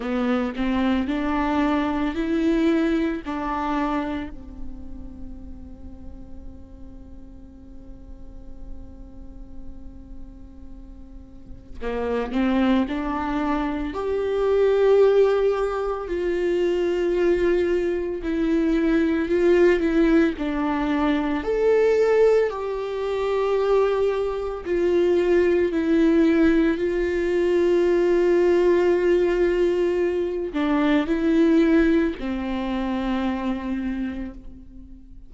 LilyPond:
\new Staff \with { instrumentName = "viola" } { \time 4/4 \tempo 4 = 56 b8 c'8 d'4 e'4 d'4 | c'1~ | c'2. ais8 c'8 | d'4 g'2 f'4~ |
f'4 e'4 f'8 e'8 d'4 | a'4 g'2 f'4 | e'4 f'2.~ | f'8 d'8 e'4 c'2 | }